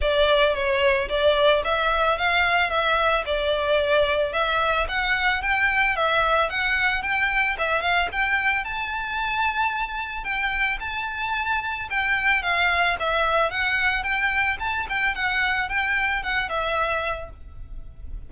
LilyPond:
\new Staff \with { instrumentName = "violin" } { \time 4/4 \tempo 4 = 111 d''4 cis''4 d''4 e''4 | f''4 e''4 d''2 | e''4 fis''4 g''4 e''4 | fis''4 g''4 e''8 f''8 g''4 |
a''2. g''4 | a''2 g''4 f''4 | e''4 fis''4 g''4 a''8 g''8 | fis''4 g''4 fis''8 e''4. | }